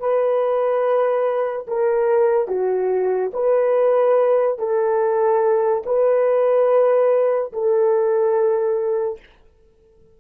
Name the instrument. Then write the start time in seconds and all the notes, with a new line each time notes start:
horn
0.00 B4
1.68 A#4
2.48 F#4
3.34 B4
4.59 A4
5.86 B4
7.53 A4